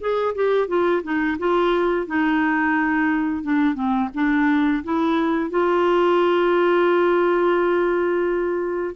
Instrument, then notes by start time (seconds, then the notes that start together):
clarinet
0.00 G#4
0.35 G4
0.67 F4
1.03 D#4
1.39 F4
2.06 D#4
3.43 D4
3.74 C4
4.14 D4
4.83 E4
5.50 F4